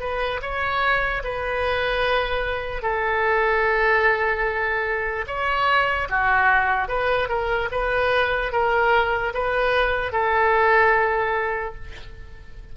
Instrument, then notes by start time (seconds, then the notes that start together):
oboe
0.00 B4
0.42 C#5
1.24 B4
2.82 A4
5.27 C#5
6.10 F#4
6.88 B4
7.29 A#4
7.71 B4
8.52 A#4
9.34 B4
10.12 A4